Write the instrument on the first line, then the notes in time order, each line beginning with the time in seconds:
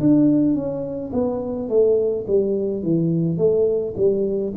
tuba
0.00 D4
0.55 C#4
1.13 B3
1.69 A3
2.27 G3
2.83 E3
3.38 A3
3.97 G3